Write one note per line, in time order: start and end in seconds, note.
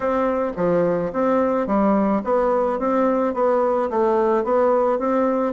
0.00 0.52 C4
0.56 1.12 F3
1.12 1.66 C4
1.66 2.22 G3
2.24 2.79 B3
2.79 3.33 C4
3.33 3.89 B3
3.89 4.44 A3
4.44 4.98 B3
4.98 5.53 C4